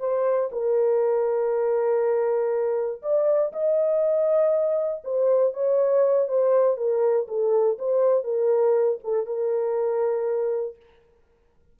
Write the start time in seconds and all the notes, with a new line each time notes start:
0.00 C5
0.52 A#4
3.02 D5
3.52 D#5
5.04 C5
5.53 C#5
6.28 C5
6.77 A#4
7.28 A4
7.79 C5
8.24 A#4
9.04 A4
9.26 A#4